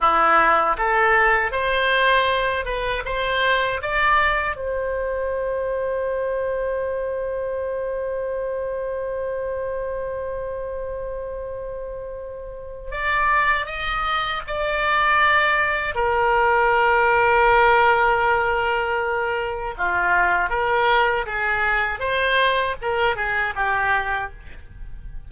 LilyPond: \new Staff \with { instrumentName = "oboe" } { \time 4/4 \tempo 4 = 79 e'4 a'4 c''4. b'8 | c''4 d''4 c''2~ | c''1~ | c''1~ |
c''4 d''4 dis''4 d''4~ | d''4 ais'2.~ | ais'2 f'4 ais'4 | gis'4 c''4 ais'8 gis'8 g'4 | }